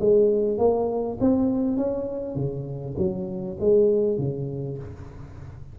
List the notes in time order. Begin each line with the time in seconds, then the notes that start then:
0.00 G#3
0.58 A#3
1.21 C4
1.77 C#4
2.36 C#3
2.98 F#3
3.60 G#3
4.18 C#3